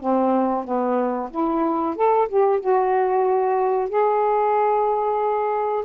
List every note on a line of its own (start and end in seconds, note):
0.00 0.65 C4
0.65 1.30 B3
1.30 1.96 E4
1.96 2.28 A4
2.29 2.60 G4
2.60 3.89 F#4
3.89 5.85 G#4